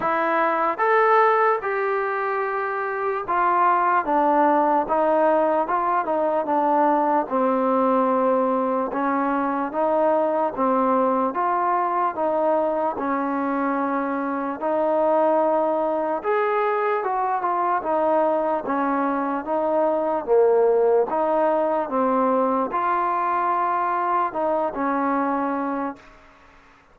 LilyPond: \new Staff \with { instrumentName = "trombone" } { \time 4/4 \tempo 4 = 74 e'4 a'4 g'2 | f'4 d'4 dis'4 f'8 dis'8 | d'4 c'2 cis'4 | dis'4 c'4 f'4 dis'4 |
cis'2 dis'2 | gis'4 fis'8 f'8 dis'4 cis'4 | dis'4 ais4 dis'4 c'4 | f'2 dis'8 cis'4. | }